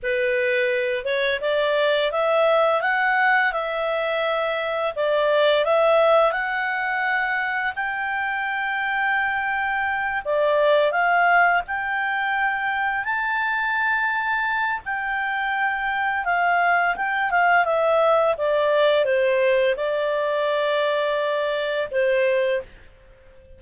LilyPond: \new Staff \with { instrumentName = "clarinet" } { \time 4/4 \tempo 4 = 85 b'4. cis''8 d''4 e''4 | fis''4 e''2 d''4 | e''4 fis''2 g''4~ | g''2~ g''8 d''4 f''8~ |
f''8 g''2 a''4.~ | a''4 g''2 f''4 | g''8 f''8 e''4 d''4 c''4 | d''2. c''4 | }